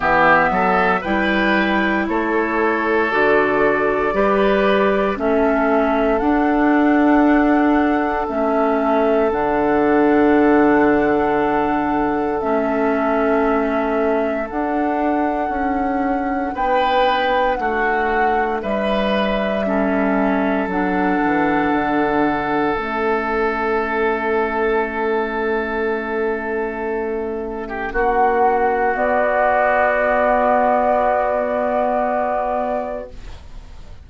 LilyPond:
<<
  \new Staff \with { instrumentName = "flute" } { \time 4/4 \tempo 4 = 58 e''4 g''4 cis''4 d''4~ | d''4 e''4 fis''2 | e''4 fis''2. | e''2 fis''2 |
g''4 fis''4 e''2 | fis''2 e''2~ | e''2. fis''4 | d''1 | }
  \new Staff \with { instrumentName = "oboe" } { \time 4/4 g'8 a'8 b'4 a'2 | b'4 a'2.~ | a'1~ | a'1 |
b'4 fis'4 b'4 a'4~ | a'1~ | a'2~ a'8. g'16 fis'4~ | fis'1 | }
  \new Staff \with { instrumentName = "clarinet" } { \time 4/4 b4 e'2 fis'4 | g'4 cis'4 d'2 | cis'4 d'2. | cis'2 d'2~ |
d'2. cis'4 | d'2 cis'2~ | cis'1 | b1 | }
  \new Staff \with { instrumentName = "bassoon" } { \time 4/4 e8 fis8 g4 a4 d4 | g4 a4 d'2 | a4 d2. | a2 d'4 cis'4 |
b4 a4 g2 | fis8 e8 d4 a2~ | a2. ais4 | b1 | }
>>